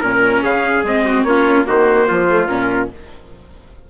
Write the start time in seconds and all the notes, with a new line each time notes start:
0.00 A#2 C#4 A#4
0.43 C#3 G#4 F5
0.83 G#3 C4 D#5
1.05 F#4
1.23 A#3 C#4 F4 C#5
1.65 D#3 A#3 F#4 C5
2.08 F3 F4
2.29 A3
2.48 A#2 C#4 A#4